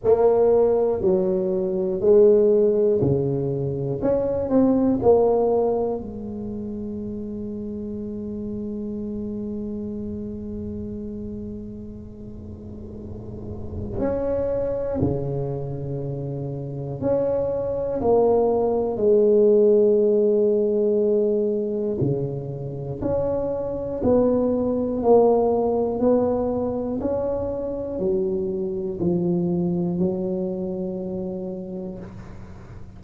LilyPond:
\new Staff \with { instrumentName = "tuba" } { \time 4/4 \tempo 4 = 60 ais4 fis4 gis4 cis4 | cis'8 c'8 ais4 gis2~ | gis1~ | gis2 cis'4 cis4~ |
cis4 cis'4 ais4 gis4~ | gis2 cis4 cis'4 | b4 ais4 b4 cis'4 | fis4 f4 fis2 | }